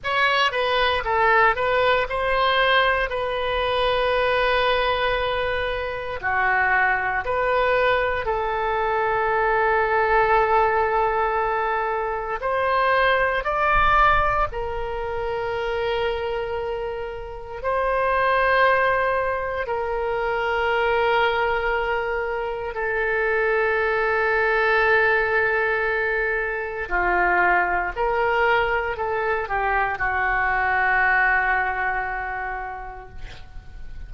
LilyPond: \new Staff \with { instrumentName = "oboe" } { \time 4/4 \tempo 4 = 58 cis''8 b'8 a'8 b'8 c''4 b'4~ | b'2 fis'4 b'4 | a'1 | c''4 d''4 ais'2~ |
ais'4 c''2 ais'4~ | ais'2 a'2~ | a'2 f'4 ais'4 | a'8 g'8 fis'2. | }